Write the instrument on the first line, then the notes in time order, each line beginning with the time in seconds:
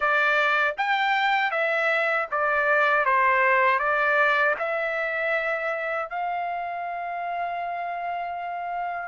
trumpet
0.00 D5
0.77 G5
1.51 E5
2.31 D5
3.05 C5
3.79 D5
4.58 E5
6.09 F5